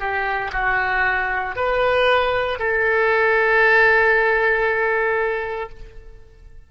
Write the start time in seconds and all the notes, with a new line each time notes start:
0.00 G4
0.53 F#4
1.56 B4
2.59 A4